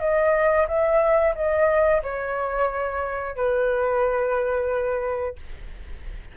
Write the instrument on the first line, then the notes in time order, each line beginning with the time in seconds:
flute
0.00 D#5
0.68 E5
1.36 D#5
2.03 C#5
3.36 B4